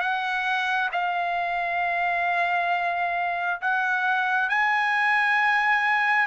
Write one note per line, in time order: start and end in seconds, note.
0.00 0.90 F#5
0.92 3.61 F5
3.61 4.49 F#5
4.49 6.26 G#5